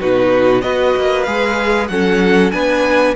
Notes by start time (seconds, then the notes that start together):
0.00 B2 D#4 F#4 B4
0.62 B3 F#4 B4 D#5
0.97 A#3
1.24 G#3 G#4 F5
1.88 F#3 C#4 A4 F#5
2.52 B3 D4 B4 G#5